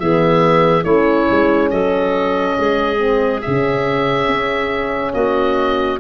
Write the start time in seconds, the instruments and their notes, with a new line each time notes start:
0.00 tuba E3, horn B3, clarinet G#4, oboe E5
0.84 tuba A3, horn C#4, clarinet E4, oboe C#5
1.31 tuba G#3
1.70 tuba F#3, clarinet A4, oboe D#5
2.59 tuba G#3, clarinet G#4
2.98 horn C4
3.41 horn C#4, oboe E5
3.47 tuba C#3
4.28 tuba C#4
5.14 tuba A#3, clarinet F#4, oboe D#5